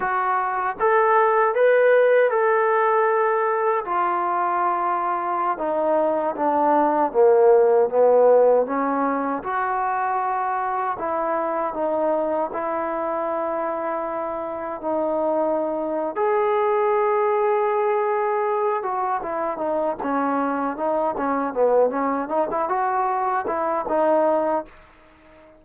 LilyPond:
\new Staff \with { instrumentName = "trombone" } { \time 4/4 \tempo 4 = 78 fis'4 a'4 b'4 a'4~ | a'4 f'2~ f'16 dis'8.~ | dis'16 d'4 ais4 b4 cis'8.~ | cis'16 fis'2 e'4 dis'8.~ |
dis'16 e'2. dis'8.~ | dis'4 gis'2.~ | gis'8 fis'8 e'8 dis'8 cis'4 dis'8 cis'8 | b8 cis'8 dis'16 e'16 fis'4 e'8 dis'4 | }